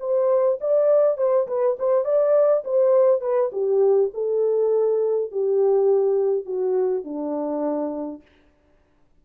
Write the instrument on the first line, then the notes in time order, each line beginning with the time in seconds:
horn
0.00 C5
0.61 D5
1.18 C5
1.48 B4
1.79 C5
2.05 D5
2.64 C5
3.21 B4
3.52 G4
4.14 A4
5.31 G4
6.45 F#4
7.04 D4